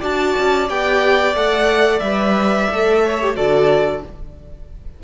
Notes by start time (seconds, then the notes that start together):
0.00 D4 F#4 D5 A5
0.38 C#4
0.68 B3 G4 G5
1.34 A3 A4 F#5
2.00 G3 B4 E5
2.70 A3 A4
3.05 C#5
3.22 G4
3.35 D3 F#4 A4 D5